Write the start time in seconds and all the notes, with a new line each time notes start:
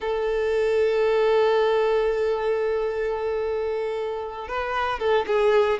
0.00 A4
4.47 B4
4.99 A4
5.26 G#4